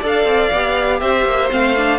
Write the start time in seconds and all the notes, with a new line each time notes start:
0.00 D4 A4 D5
0.07 F5
0.24 C4
0.52 B3 G4
1.00 C4 C5 E5
1.25 A#3
1.50 A3 C4 F5
1.77 D4